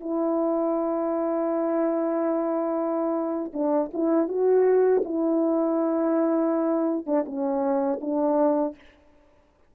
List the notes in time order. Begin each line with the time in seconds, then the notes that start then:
0.00 E4
3.54 D4
3.94 E4
4.28 F#4
5.04 E4
7.06 D4
7.26 C#4
8.01 D4